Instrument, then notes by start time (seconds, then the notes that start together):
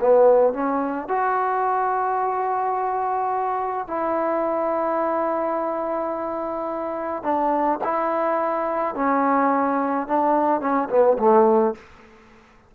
trombone
0.00 B3
0.54 C#4
1.08 F#4
3.87 E4
7.23 D4
7.84 E4
8.95 C#4
10.07 D4
10.61 C#4
10.89 B3
11.19 A3